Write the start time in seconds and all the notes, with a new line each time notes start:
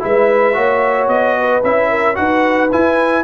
0.00 G#3 E4 B4 E5
0.54 A#3 F#4 C#5
1.07 B3 D#5
1.39 B4
1.63 C#4 E4 E5
1.90 A#4
2.15 D#4 F#4 B4 F#5
2.72 E4 G#5